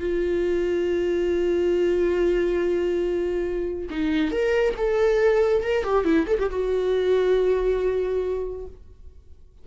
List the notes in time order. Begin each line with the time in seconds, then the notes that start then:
0.00 F4
3.90 D#4
4.31 A#4
4.77 A4
5.64 A#4
5.84 G4
6.05 E4
6.27 A4
6.39 G4
6.50 F#4